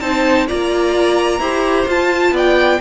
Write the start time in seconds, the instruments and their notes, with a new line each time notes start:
0.00 cello C4, viola D#4, violin C5 A5
0.47 cello A#3, viola F4, violin D5 A#5
1.39 cello E4, viola G4, violin C5
1.87 cello F4, viola F4, violin A5
2.31 cello B3, violin D5 G5